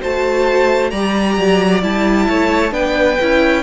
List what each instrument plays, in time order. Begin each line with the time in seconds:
0.00 cello A3, viola F#4, violin C5 A5
0.90 cello G3, viola G4, violin D5 A#5
1.37 cello F#3
1.82 cello G3, viola E4, violin A5
2.28 cello A3, violin C#5
2.71 cello B3, viola D4, violin B4 G5
3.21 cello C#4, viola E4